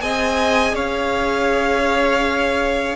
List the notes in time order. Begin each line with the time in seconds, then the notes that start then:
0.00 C4 G#4 D#5 G#5
0.73 C#4 C#5 F5